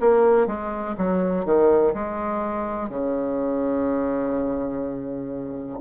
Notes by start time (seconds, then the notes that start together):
0.00 A#3
0.47 G#3
0.97 F#3
1.45 D#3
1.94 G#3
2.89 C#3